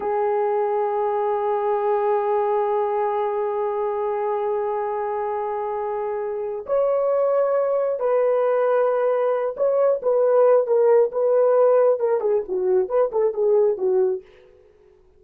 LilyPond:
\new Staff \with { instrumentName = "horn" } { \time 4/4 \tempo 4 = 135 gis'1~ | gis'1~ | gis'1~ | gis'2. cis''4~ |
cis''2 b'2~ | b'4. cis''4 b'4. | ais'4 b'2 ais'8 gis'8 | fis'4 b'8 a'8 gis'4 fis'4 | }